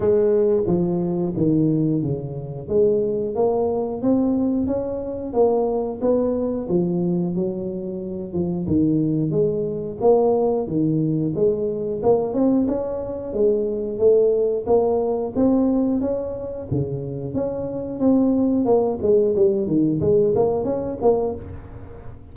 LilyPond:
\new Staff \with { instrumentName = "tuba" } { \time 4/4 \tempo 4 = 90 gis4 f4 dis4 cis4 | gis4 ais4 c'4 cis'4 | ais4 b4 f4 fis4~ | fis8 f8 dis4 gis4 ais4 |
dis4 gis4 ais8 c'8 cis'4 | gis4 a4 ais4 c'4 | cis'4 cis4 cis'4 c'4 | ais8 gis8 g8 dis8 gis8 ais8 cis'8 ais8 | }